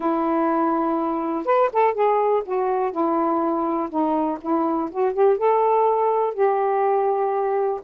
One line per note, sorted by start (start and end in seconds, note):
0.00 1.45 E4
1.45 1.69 B4
1.73 1.94 A4
1.94 2.42 G#4
2.45 2.91 F#4
2.91 3.89 E4
3.89 4.38 D#4
4.41 4.89 E4
4.91 5.13 F#4
5.13 5.37 G4
5.37 6.33 A4
6.33 7.80 G4